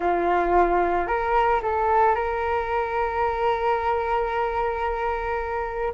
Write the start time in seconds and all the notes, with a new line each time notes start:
0.00 F4
1.07 A#4
1.62 A4
2.15 A#4